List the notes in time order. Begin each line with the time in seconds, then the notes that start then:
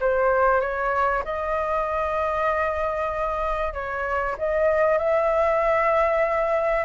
0.00 C5
0.61 C#5
1.25 D#5
3.73 C#5
4.38 D#5
4.98 E5